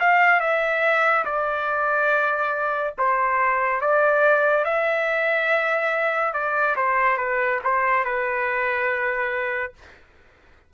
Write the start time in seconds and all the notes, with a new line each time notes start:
0.00 F5
0.40 E5
1.25 D5
2.98 C5
3.81 D5
4.65 E5
6.34 D5
6.76 C5
7.18 B4
7.64 C5
8.05 B4